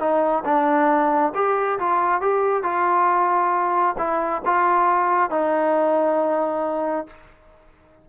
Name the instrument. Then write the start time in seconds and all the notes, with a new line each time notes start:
trombone
0.00 D#4
0.45 D4
1.35 G4
1.79 F4
2.22 G4
2.64 F4
3.99 E4
4.46 F4
5.31 D#4